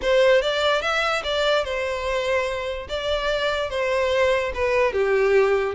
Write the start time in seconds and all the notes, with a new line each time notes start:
0.01 C5
0.41 D5
0.81 E5
1.23 D5
1.64 C5
2.88 D5
3.70 C5
4.54 B4
4.92 G4